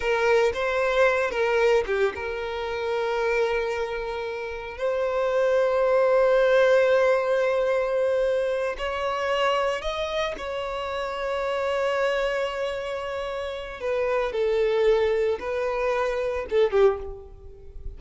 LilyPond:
\new Staff \with { instrumentName = "violin" } { \time 4/4 \tempo 4 = 113 ais'4 c''4. ais'4 g'8 | ais'1~ | ais'4 c''2.~ | c''1~ |
c''8 cis''2 dis''4 cis''8~ | cis''1~ | cis''2 b'4 a'4~ | a'4 b'2 a'8 g'8 | }